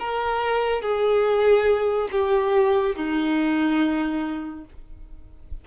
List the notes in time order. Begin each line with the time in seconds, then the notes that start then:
0.00 A#4
0.82 G#4
2.12 G4
2.96 D#4